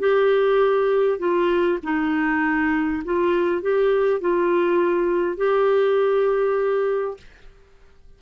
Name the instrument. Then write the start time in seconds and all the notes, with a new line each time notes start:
clarinet
0.00 G4
1.19 F4
1.83 D#4
3.05 F4
3.62 G4
4.21 F4
5.38 G4